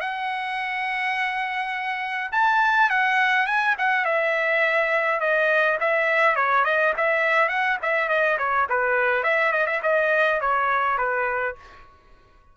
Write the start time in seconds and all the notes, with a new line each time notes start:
0.00 F#5
2.32 A5
2.89 F#5
3.46 G#5
3.78 F#5
4.05 E5
5.20 D#5
5.80 E5
6.35 C#5
6.64 D#5
6.97 E5
7.48 F#5
7.82 E5
8.08 D#5
8.38 C#5
8.69 B4
9.23 E5
9.52 D#5
9.66 E5
9.82 D#5
10.40 C#5
10.97 B4